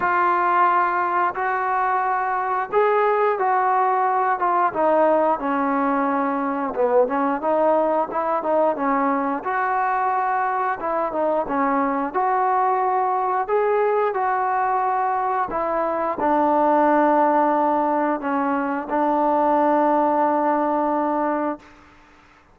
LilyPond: \new Staff \with { instrumentName = "trombone" } { \time 4/4 \tempo 4 = 89 f'2 fis'2 | gis'4 fis'4. f'8 dis'4 | cis'2 b8 cis'8 dis'4 | e'8 dis'8 cis'4 fis'2 |
e'8 dis'8 cis'4 fis'2 | gis'4 fis'2 e'4 | d'2. cis'4 | d'1 | }